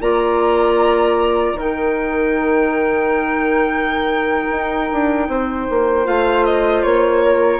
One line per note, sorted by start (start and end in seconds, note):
0.00 1.53 A#3
0.00 1.57 F4
0.00 1.57 D5
0.00 1.57 A#5
1.53 4.45 D#3
1.53 6.04 D#4
1.53 5.27 A#4
1.60 6.06 G5
4.51 4.90 D#4
4.92 5.28 D4
5.28 5.67 C4
5.28 7.24 C5
5.69 6.06 A#3
6.04 6.84 A3
6.04 7.60 F4
6.04 6.45 F5
6.45 6.83 D#5
6.83 7.60 A#3
6.83 7.60 C#5
7.24 7.60 A#4